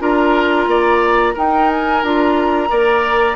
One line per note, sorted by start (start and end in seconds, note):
0.00 0.67 D4
0.00 1.35 F4
0.00 0.69 A#4
0.00 1.37 A#5
0.67 1.35 A#3
0.67 1.34 D5
1.34 2.03 D#4
1.34 2.69 A#4
1.34 1.70 G5
1.70 2.03 G#5
2.03 2.71 D4
2.03 2.68 F4
2.03 3.36 A#5
2.68 3.36 A#3
2.68 3.36 A#4
2.68 3.36 D5